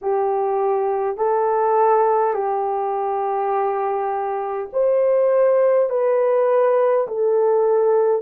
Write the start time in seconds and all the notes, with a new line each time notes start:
0.01 G4
1.17 A4
2.33 G4
4.73 C5
5.89 B4
7.07 A4